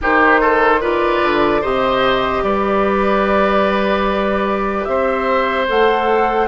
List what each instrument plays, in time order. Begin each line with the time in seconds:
0.01 bassoon D#3, clarinet D#4, oboe G4, flute C5
0.40 oboe A4
0.80 clarinet F4, oboe B4, flute D5
1.22 bassoon D3
1.61 bassoon C3, clarinet G4, oboe C5, flute D#5
2.42 bassoon G3, oboe B4, flute D5
4.84 bassoon C4, oboe C5, flute E5
5.68 bassoon A3, clarinet A4, flute F#5